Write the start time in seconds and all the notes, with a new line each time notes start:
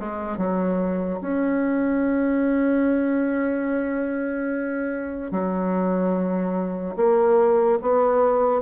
0.00 G#3
0.38 F#3
1.21 C#4
5.32 F#3
6.97 A#3
7.82 B3